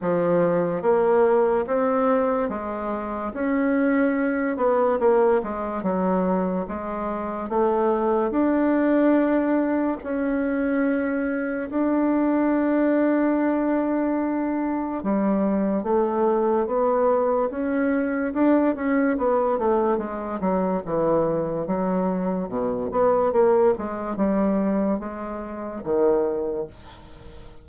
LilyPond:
\new Staff \with { instrumentName = "bassoon" } { \time 4/4 \tempo 4 = 72 f4 ais4 c'4 gis4 | cis'4. b8 ais8 gis8 fis4 | gis4 a4 d'2 | cis'2 d'2~ |
d'2 g4 a4 | b4 cis'4 d'8 cis'8 b8 a8 | gis8 fis8 e4 fis4 b,8 b8 | ais8 gis8 g4 gis4 dis4 | }